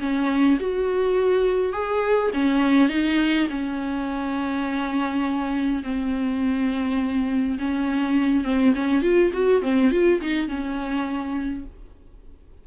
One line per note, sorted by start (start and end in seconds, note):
0.00 0.58 C#4
0.60 1.73 F#4
1.73 2.31 G#4
2.34 2.89 C#4
2.89 3.47 D#4
3.50 5.83 C#4
5.83 7.58 C4
7.59 8.44 C#4
8.44 8.74 C4
8.75 9.02 C#4
9.02 9.31 F4
9.34 9.62 F#4
9.62 9.91 C4
9.92 10.21 F4
10.21 10.48 D#4
10.48 11.65 C#4